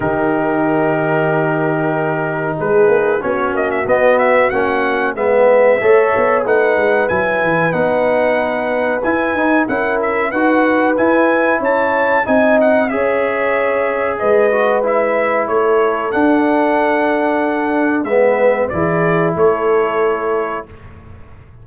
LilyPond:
<<
  \new Staff \with { instrumentName = "trumpet" } { \time 4/4 \tempo 4 = 93 ais'1 | b'4 cis''8 dis''16 e''16 dis''8 e''8 fis''4 | e''2 fis''4 gis''4 | fis''2 gis''4 fis''8 e''8 |
fis''4 gis''4 a''4 gis''8 fis''8 | e''2 dis''4 e''4 | cis''4 fis''2. | e''4 d''4 cis''2 | }
  \new Staff \with { instrumentName = "horn" } { \time 4/4 g'1 | gis'4 fis'2. | b'4 cis''4 b'2~ | b'2. ais'4 |
b'2 cis''4 dis''4 | cis''2 b'2 | a'1 | b'4 gis'4 a'2 | }
  \new Staff \with { instrumentName = "trombone" } { \time 4/4 dis'1~ | dis'4 cis'4 b4 cis'4 | b4 a'4 dis'4 e'4 | dis'2 e'8 dis'8 e'4 |
fis'4 e'2 dis'4 | gis'2~ gis'8 fis'8 e'4~ | e'4 d'2. | b4 e'2. | }
  \new Staff \with { instrumentName = "tuba" } { \time 4/4 dis1 | gis8 ais8 b8 ais8 b4 ais4 | gis4 a8 b8 a8 gis8 fis8 e8 | b2 e'8 dis'8 cis'4 |
dis'4 e'4 cis'4 c'4 | cis'2 gis2 | a4 d'2. | gis4 e4 a2 | }
>>